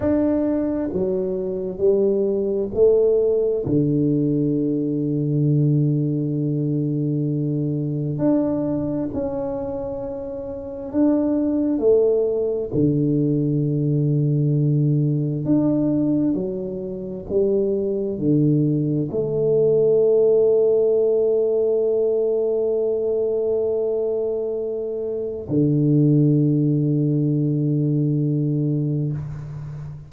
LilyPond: \new Staff \with { instrumentName = "tuba" } { \time 4/4 \tempo 4 = 66 d'4 fis4 g4 a4 | d1~ | d4 d'4 cis'2 | d'4 a4 d2~ |
d4 d'4 fis4 g4 | d4 a2.~ | a1 | d1 | }